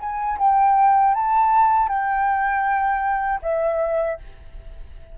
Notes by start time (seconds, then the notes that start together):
0.00 G#5
0.39 G5
1.15 A5
1.89 G5
3.42 E5